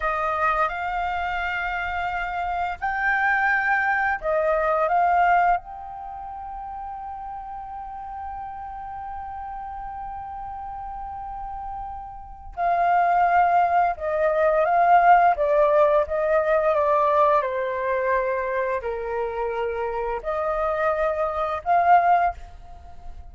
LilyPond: \new Staff \with { instrumentName = "flute" } { \time 4/4 \tempo 4 = 86 dis''4 f''2. | g''2 dis''4 f''4 | g''1~ | g''1~ |
g''2 f''2 | dis''4 f''4 d''4 dis''4 | d''4 c''2 ais'4~ | ais'4 dis''2 f''4 | }